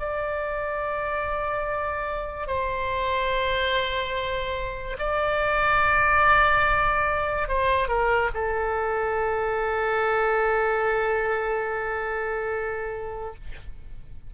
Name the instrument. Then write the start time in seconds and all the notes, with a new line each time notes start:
oboe
0.00 D5
2.47 C5
4.99 D5
7.49 C5
7.89 A#4
8.35 A4